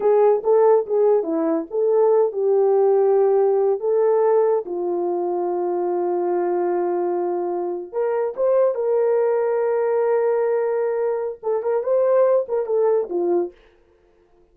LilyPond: \new Staff \with { instrumentName = "horn" } { \time 4/4 \tempo 4 = 142 gis'4 a'4 gis'4 e'4 | a'4. g'2~ g'8~ | g'4 a'2 f'4~ | f'1~ |
f'2~ f'8. ais'4 c''16~ | c''8. ais'2.~ ais'16~ | ais'2. a'8 ais'8 | c''4. ais'8 a'4 f'4 | }